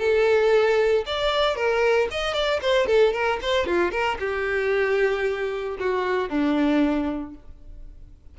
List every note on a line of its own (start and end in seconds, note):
0.00 1.05 A4
1.07 1.56 D5
1.56 2.09 A#4
2.11 2.34 D#5
2.34 2.61 D5
2.62 2.87 C5
2.87 3.13 A4
3.14 3.40 A#4
3.42 3.67 C5
3.67 3.92 F4
3.92 4.18 A#4
4.20 5.78 G4
5.80 6.30 F#4
6.30 7.35 D4